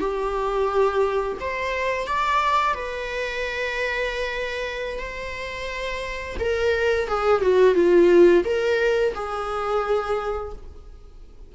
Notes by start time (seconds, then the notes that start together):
0.00 G4
1.40 C5
2.07 D5
2.74 B4
4.98 C5
6.39 A#4
7.08 G#4
7.41 F#4
7.75 F4
8.45 A#4
9.14 G#4